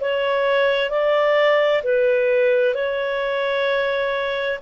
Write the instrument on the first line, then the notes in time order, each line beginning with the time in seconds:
clarinet
0.00 C#5
0.90 D5
1.83 B4
2.74 C#5